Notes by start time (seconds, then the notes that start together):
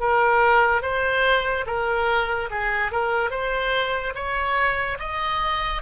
0.00 A#4
0.82 C5
1.67 A#4
2.51 G#4
2.92 A#4
3.31 C5
4.15 C#5
4.99 D#5